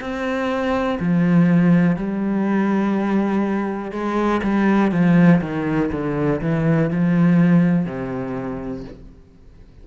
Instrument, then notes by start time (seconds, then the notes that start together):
cello
0.00 C4
0.99 F3
1.96 G3
3.91 G#3
4.43 G3
4.91 F3
5.41 D#3
5.92 D3
6.41 E3
6.90 F3
7.85 C3